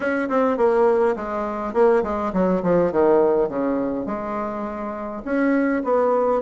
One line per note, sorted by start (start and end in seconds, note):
0.00 0.28 C#4
0.29 0.57 C4
0.57 1.15 A#3
1.16 1.73 G#3
1.73 2.02 A#3
2.03 2.32 G#3
2.33 2.62 F#3
2.62 2.92 F3
2.92 3.48 D#3
3.48 4.06 C#3
4.06 5.22 G#3
5.24 5.83 C#4
5.84 6.42 B3